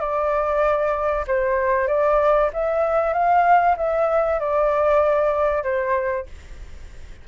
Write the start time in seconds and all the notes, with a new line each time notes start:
0.00 D5
1.27 C5
1.88 D5
2.53 E5
3.13 F5
3.77 E5
4.39 D5
5.63 C5